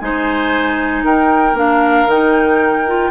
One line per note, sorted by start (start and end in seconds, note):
0.00 1.04 G#3
0.00 1.56 D#4
0.00 1.04 C5
0.00 1.04 G#5
1.04 1.54 D#4
1.04 3.11 A#4
1.04 1.58 G5
1.54 2.06 A#3
1.54 2.08 D4
1.54 2.10 F5
2.07 3.11 D#3
2.07 2.87 D#4
2.07 3.11 G5
2.87 3.11 F4